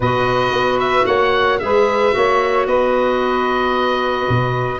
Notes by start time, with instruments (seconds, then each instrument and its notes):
0.00 tuba B2, clarinet F#4, saxophone B4, oboe D#5
0.52 tuba B3
0.79 oboe E5
1.05 tuba A#3, saxophone C#5, oboe F#5
1.59 tuba G#3, clarinet G#4, saxophone B4, oboe E5
2.11 tuba A#3, clarinet F#4, saxophone C#5
2.66 tuba B3, saxophone B4, oboe D#5
4.28 tuba B2